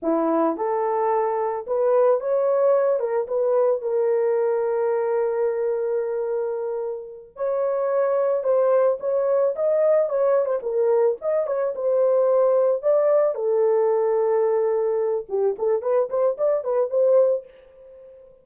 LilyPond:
\new Staff \with { instrumentName = "horn" } { \time 4/4 \tempo 4 = 110 e'4 a'2 b'4 | cis''4. ais'8 b'4 ais'4~ | ais'1~ | ais'4. cis''2 c''8~ |
c''8 cis''4 dis''4 cis''8. c''16 ais'8~ | ais'8 dis''8 cis''8 c''2 d''8~ | d''8 a'2.~ a'8 | g'8 a'8 b'8 c''8 d''8 b'8 c''4 | }